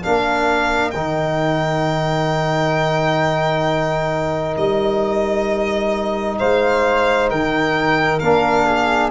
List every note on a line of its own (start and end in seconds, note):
0.00 0.94 D4
0.00 6.36 A#4
0.00 0.91 F5
0.06 0.94 A#3
0.91 4.57 D#3
0.91 8.23 D#4
0.91 4.54 G5
4.57 6.39 G3
4.57 6.38 D#5
6.38 7.31 G#3
6.38 7.30 C5
6.38 7.29 F5
7.30 8.21 D#3
7.30 8.66 A#4
7.30 8.19 G5
8.19 9.11 A#3
8.19 9.11 D4
8.19 9.10 F5
8.66 9.11 G#4